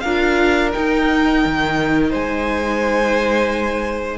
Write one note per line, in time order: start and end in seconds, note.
0.00 0.73 D4
0.00 0.73 F4
0.00 2.10 A#4
0.00 0.70 F5
0.73 4.17 D#4
0.73 1.45 D#4
0.73 2.12 G5
1.45 2.13 D#3
2.10 4.17 G#3
2.10 4.17 C5
2.10 4.17 G#5